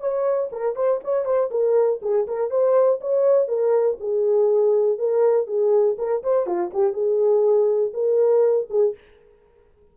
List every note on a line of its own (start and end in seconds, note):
0.00 0.50 C#5
0.52 0.76 A#4
0.76 1.00 C5
1.04 1.25 C#5
1.25 1.50 C5
1.51 2.00 A#4
2.02 2.27 G#4
2.27 2.50 A#4
2.50 3.00 C5
3.01 3.48 C#5
3.48 3.98 A#4
4.00 4.98 G#4
4.98 5.47 A#4
5.47 5.96 G#4
5.98 6.23 A#4
6.23 6.46 C5
6.46 6.71 F4
6.74 6.93 G4
6.93 7.92 G#4
7.93 8.68 A#4
8.70 8.95 G#4